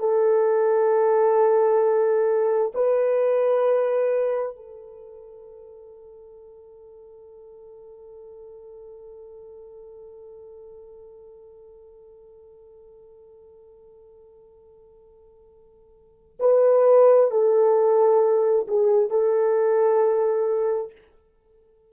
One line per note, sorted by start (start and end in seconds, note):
0.00 2.73 A4
2.75 4.57 B4
4.57 16.38 A4
16.40 17.31 B4
17.31 18.67 A4
18.68 19.10 G#4
19.10 20.92 A4